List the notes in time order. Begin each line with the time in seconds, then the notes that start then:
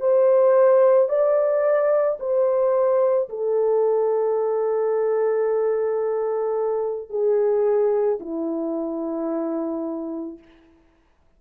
0.00 C5
1.09 D5
2.20 C5
3.29 A4
7.10 G#4
8.20 E4